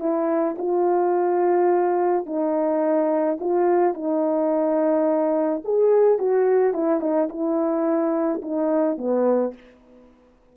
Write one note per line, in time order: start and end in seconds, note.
0.00 0.56 E4
0.58 2.26 F4
2.26 3.38 D#4
3.40 3.94 F4
3.94 5.63 D#4
5.65 6.19 G#4
6.19 6.74 F#4
6.74 7.01 E4
7.01 7.29 D#4
7.29 8.42 E4
8.42 8.98 D#4
8.98 9.54 B3